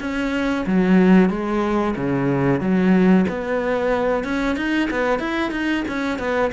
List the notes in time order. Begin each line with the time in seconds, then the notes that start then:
0.00 C#4
0.67 F#3
1.30 G#3
1.96 C#3
2.61 F#3
3.29 B3
4.24 C#4
4.57 D#4
4.90 B3
5.19 E4
5.51 D#4
5.88 C#4
6.19 B3